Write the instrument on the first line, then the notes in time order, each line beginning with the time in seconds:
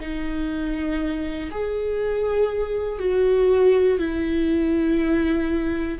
viola
0.00 D#4
1.51 G#4
2.99 F#4
3.99 E4